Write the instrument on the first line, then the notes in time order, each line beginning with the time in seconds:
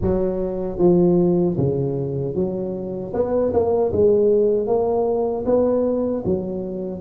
tuba
0.01 F#3
0.78 F3
1.57 C#3
2.34 F#3
3.13 B3
3.53 A#3
3.92 G#3
4.66 A#3
5.45 B3
6.25 F#3